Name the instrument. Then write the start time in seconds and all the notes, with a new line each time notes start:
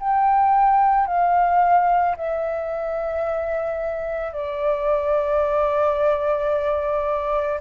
flute
0.00 G5
1.06 F5
2.17 E5
4.32 D5